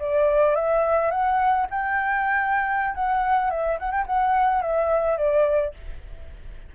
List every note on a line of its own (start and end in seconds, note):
0.00 0.55 D5
0.55 1.11 E5
1.11 1.67 F#5
1.71 2.95 G5
2.95 3.50 F#5
3.50 3.79 E5
3.80 3.91 F#5
3.91 4.05 G5
4.07 4.62 F#5
4.62 5.18 E5
5.18 5.74 D5